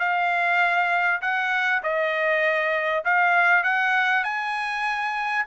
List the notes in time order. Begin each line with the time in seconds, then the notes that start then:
0.00 F5
1.22 F#5
1.83 D#5
3.05 F5
3.64 F#5
4.25 G#5